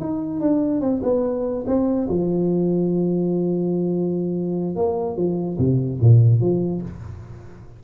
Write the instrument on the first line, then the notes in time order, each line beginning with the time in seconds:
tuba
0.00 D#4
0.40 D4
0.81 C4
1.03 B3
1.66 C4
2.09 F3
4.75 A#3
5.16 F3
5.58 C3
6.00 A#2
6.40 F3